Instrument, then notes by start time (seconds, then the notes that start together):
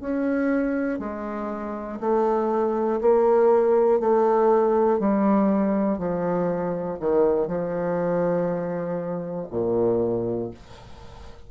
bassoon
0.00 C#4
0.99 G#3
2.00 A3
3.01 A#3
4.00 A3
4.99 G3
5.98 F3
6.99 D#3
7.47 F3
9.50 A#2